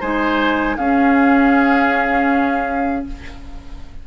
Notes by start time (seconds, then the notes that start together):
0.00 G#3 D#4 C5 G#5
0.76 C#4 G#4 F5